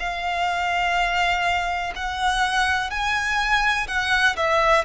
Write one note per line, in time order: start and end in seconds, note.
0.00 1.94 F5
1.96 2.90 F#5
2.90 3.87 G#5
3.88 4.36 F#5
4.36 4.85 E5